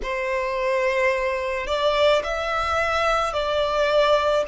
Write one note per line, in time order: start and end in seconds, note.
0.03 1.67 C5
1.67 2.22 D5
2.23 3.33 E5
3.33 4.44 D5